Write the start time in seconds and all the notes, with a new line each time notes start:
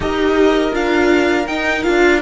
0.00 D#4 G4 A#4 D#5
0.72 D4 F4 F5
1.46 D#4 G5
1.83 D4 F4 F5